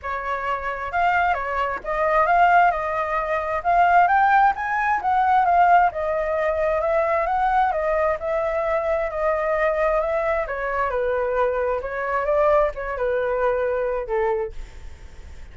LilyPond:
\new Staff \with { instrumentName = "flute" } { \time 4/4 \tempo 4 = 132 cis''2 f''4 cis''4 | dis''4 f''4 dis''2 | f''4 g''4 gis''4 fis''4 | f''4 dis''2 e''4 |
fis''4 dis''4 e''2 | dis''2 e''4 cis''4 | b'2 cis''4 d''4 | cis''8 b'2~ b'8 a'4 | }